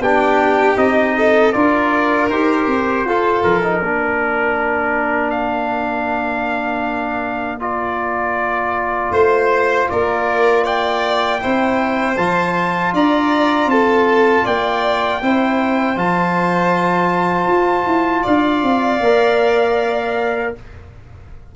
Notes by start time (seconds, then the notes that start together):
0.00 B3 D4 G4 G5
0.77 C4 D#4 D#5
1.17 A4
1.52 D4 F4 A#4 D5
2.30 D#4 G4 C5
2.67 C4
3.05 F4 A4
3.43 F3 A#4
3.63 D#4
3.80 A#3 D4 A#4
5.30 F5
7.59 F4 D5
9.12 A3 C5
9.89 A#3 A#4 D5
10.64 D5 G5
11.39 C4 E4 C5
12.17 F3 F4 A5
12.93 D4 D5 A#5
13.66 C4 A4 A5
14.44 A#3 D5 G5
15.22 C4 E4 C5
15.96 F3 F4 A5
17.47 F4
17.86 E4
18.22 D4 D5 F5
18.63 C4
19.00 A#3 A#4